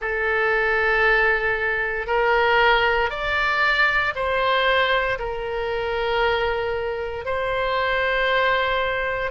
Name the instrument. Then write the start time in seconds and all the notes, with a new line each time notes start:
oboe
0.01 A4
2.06 A#4
3.10 D5
4.15 C5
5.19 A#4
7.25 C5